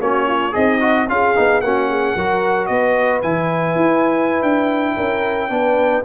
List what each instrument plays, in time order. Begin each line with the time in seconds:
0.00 tuba A#3, trombone C#4, horn F#4, trumpet C#5
0.26 horn F4
0.51 tuba C4, horn D#4, trombone G#4, trumpet D#5
0.80 trombone F#4
1.08 tuba C#4, trombone F4, horn G#4, trumpet F5
1.35 tuba B3, trombone D#4
1.60 tuba A#3, trombone C#4, horn F#4, trumpet F#5
1.89 horn G#4
2.15 tuba F#3, trombone F#4, horn A#4
2.66 tuba B3, horn B4, trumpet D#5
3.22 tuba E3, trombone E4, trumpet G#5
3.75 tuba E4
4.42 tuba D4, trumpet G5
4.96 tuba C#4, horn A#4
5.49 tuba B3, trombone D4, horn B4